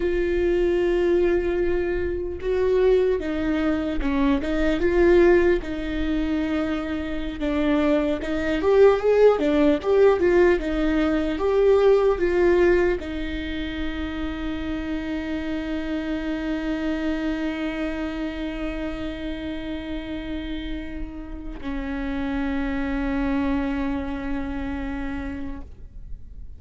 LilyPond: \new Staff \with { instrumentName = "viola" } { \time 4/4 \tempo 4 = 75 f'2. fis'4 | dis'4 cis'8 dis'8 f'4 dis'4~ | dis'4~ dis'16 d'4 dis'8 g'8 gis'8 d'16~ | d'16 g'8 f'8 dis'4 g'4 f'8.~ |
f'16 dis'2.~ dis'8.~ | dis'1~ | dis'2. cis'4~ | cis'1 | }